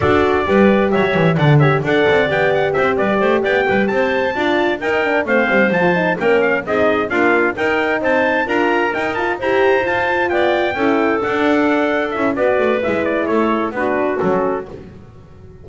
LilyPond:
<<
  \new Staff \with { instrumentName = "trumpet" } { \time 4/4 \tempo 4 = 131 d''2 e''4 fis''8 e''8 | fis''4 g''8 fis''8 e''8 d''4 g''8~ | g''8 a''2 g''4 f''8~ | f''8 a''4 g''8 f''8 dis''4 f''8~ |
f''8 g''4 a''4 ais''4 g''8 | a''8 ais''4 a''4 g''4.~ | g''8 fis''2 e''8 d''4 | e''8 d''8 cis''4 b'4 a'4 | }
  \new Staff \with { instrumentName = "clarinet" } { \time 4/4 a'4 b'4 cis''4 d''8 cis''8 | d''2 c''8 b'8 c''8 d''8 | b'8 c''4 d''4 ais'4 c''8~ | c''4. ais'4 gis'4 f'8~ |
f'8 ais'4 c''4 ais'4.~ | ais'8 c''2 d''4 a'8~ | a'2. b'4~ | b'4 a'4 fis'2 | }
  \new Staff \with { instrumentName = "horn" } { \time 4/4 fis'4 g'2 a'8 g'8 | a'4 g'2.~ | g'4. f'4 dis'8 d'8 c'8~ | c'8 f'8 dis'8 cis'4 dis'4 ais8~ |
ais8 dis'2 f'4 dis'8 | f'8 g'4 f'2 e'8~ | e'8 d'2 e'8 fis'4 | e'2 d'4 cis'4 | }
  \new Staff \with { instrumentName = "double bass" } { \time 4/4 d'4 g4 fis8 e8 d4 | d'8 c'8 b4 c'8 g8 a8 b8 | g8 c'4 d'4 dis'4 a8 | g8 f4 ais4 c'4 d'8~ |
d'8 dis'4 c'4 d'4 dis'8~ | dis'8 e'4 f'4 b4 cis'8~ | cis'8 d'2 cis'8 b8 a8 | gis4 a4 b4 fis4 | }
>>